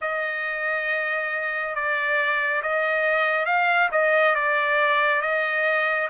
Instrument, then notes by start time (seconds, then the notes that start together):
trumpet
0.01 D#5
1.75 D5
2.62 D#5
3.45 F5
3.91 D#5
4.35 D5
5.21 D#5